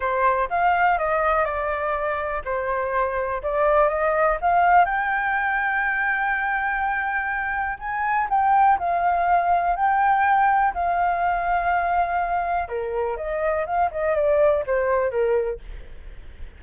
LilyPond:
\new Staff \with { instrumentName = "flute" } { \time 4/4 \tempo 4 = 123 c''4 f''4 dis''4 d''4~ | d''4 c''2 d''4 | dis''4 f''4 g''2~ | g''1 |
gis''4 g''4 f''2 | g''2 f''2~ | f''2 ais'4 dis''4 | f''8 dis''8 d''4 c''4 ais'4 | }